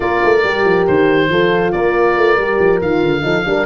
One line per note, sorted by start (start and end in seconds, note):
0.00 0.20 A#3
0.00 0.41 F4
0.00 1.26 A#4
0.00 0.86 D5
0.24 0.43 A3
0.43 0.64 G3
0.43 1.30 G4
0.64 0.86 F3
0.86 1.29 D#3
0.86 1.72 C5
1.29 1.72 F3
1.29 2.38 F4
1.29 1.73 A4
1.72 2.17 A#3
1.72 3.24 A#4
1.72 2.79 D5
2.17 2.37 A3
2.37 2.58 G3
2.37 2.82 G4
2.59 2.81 F3
2.81 3.02 D#3
2.81 3.21 F4
2.81 3.66 F5
3.02 3.23 D3
3.21 3.45 F3
3.21 3.43 D#4
3.21 3.45 A4
3.45 3.66 G3
3.45 3.66 D4
3.45 3.66 A#4